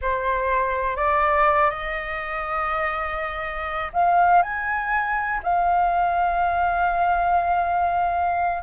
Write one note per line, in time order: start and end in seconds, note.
0.01 0.96 C5
0.96 1.70 D5
1.70 3.91 D#5
3.93 4.42 F5
4.42 5.40 G#5
5.43 8.62 F5